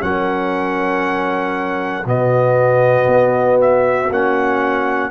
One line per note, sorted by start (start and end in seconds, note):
0.00 2.05 F#3
0.00 2.03 C#4
0.00 2.06 A#4
0.00 2.06 F#5
2.05 3.07 B2
2.05 4.09 B3
2.05 5.11 F#4
2.05 3.60 D#5
3.07 4.08 B3
3.61 4.12 E5
4.09 5.11 A#3
4.09 5.11 C#4
4.09 5.11 F#5